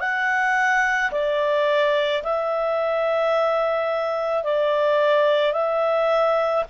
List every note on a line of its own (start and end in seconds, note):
0.00 1.11 F#5
1.12 2.23 D5
2.23 4.44 E5
4.44 5.53 D5
5.53 6.64 E5